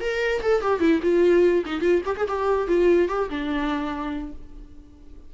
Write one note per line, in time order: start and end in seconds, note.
0.00 0.41 A#4
0.42 0.61 A4
0.61 0.80 G4
0.80 1.00 E4
1.02 1.64 F4
1.65 1.81 D#4
1.81 2.01 F4
2.05 2.15 G4
2.17 2.27 G#4
2.28 2.67 G4
2.67 3.08 F4
3.08 3.29 G4
3.29 4.32 D4